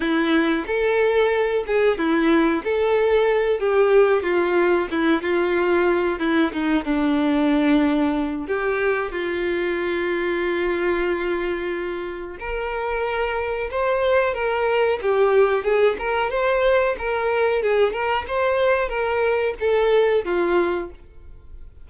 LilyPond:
\new Staff \with { instrumentName = "violin" } { \time 4/4 \tempo 4 = 92 e'4 a'4. gis'8 e'4 | a'4. g'4 f'4 e'8 | f'4. e'8 dis'8 d'4.~ | d'4 g'4 f'2~ |
f'2. ais'4~ | ais'4 c''4 ais'4 g'4 | gis'8 ais'8 c''4 ais'4 gis'8 ais'8 | c''4 ais'4 a'4 f'4 | }